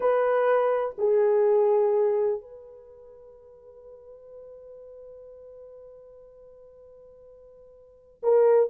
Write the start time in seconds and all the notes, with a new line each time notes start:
0.00 B4
0.98 G#4
2.40 B4
8.22 A#4